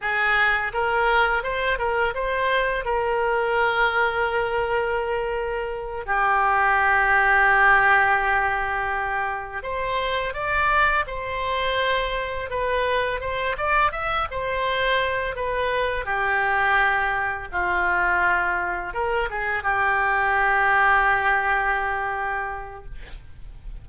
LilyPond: \new Staff \with { instrumentName = "oboe" } { \time 4/4 \tempo 4 = 84 gis'4 ais'4 c''8 ais'8 c''4 | ais'1~ | ais'8 g'2.~ g'8~ | g'4. c''4 d''4 c''8~ |
c''4. b'4 c''8 d''8 e''8 | c''4. b'4 g'4.~ | g'8 f'2 ais'8 gis'8 g'8~ | g'1 | }